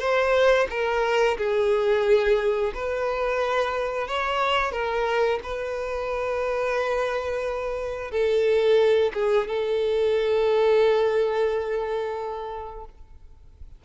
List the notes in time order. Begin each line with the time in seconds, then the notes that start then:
0.00 C5
0.70 A#4
1.38 G#4
2.75 B4
4.08 C#5
4.72 A#4
5.44 B4
8.11 A4
9.14 G#4
9.48 A4